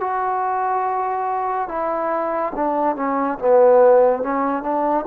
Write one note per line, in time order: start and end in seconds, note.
0.00 1.68 F#4
1.68 2.53 E4
2.55 2.96 D4
2.96 3.38 C#4
3.39 4.23 B3
4.23 4.63 C#4
4.63 5.05 D4